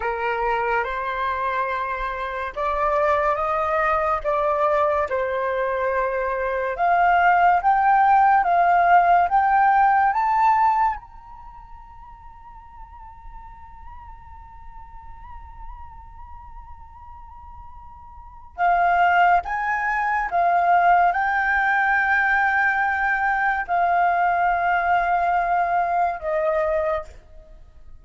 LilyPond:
\new Staff \with { instrumentName = "flute" } { \time 4/4 \tempo 4 = 71 ais'4 c''2 d''4 | dis''4 d''4 c''2 | f''4 g''4 f''4 g''4 | a''4 ais''2.~ |
ais''1~ | ais''2 f''4 gis''4 | f''4 g''2. | f''2. dis''4 | }